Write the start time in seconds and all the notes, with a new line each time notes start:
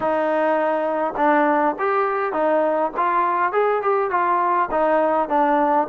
0.00 D#4
1.16 D4
1.78 G4
2.32 D#4
2.97 F4
3.52 G#4
3.82 G4
4.10 F4
4.71 D#4
5.28 D4